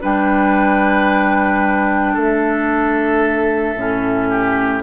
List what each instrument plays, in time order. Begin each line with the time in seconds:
0.00 bassoon G3, clarinet D4, oboe B4, flute G5
2.13 bassoon A3, oboe A4, flute E5
3.75 bassoon A2, clarinet C#4
4.29 oboe G4